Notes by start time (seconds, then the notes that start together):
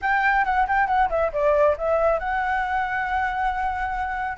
0.01 G5
0.45 F#5
0.67 G5
0.87 F#5
1.09 E5
1.32 D5
1.77 E5
2.19 F#5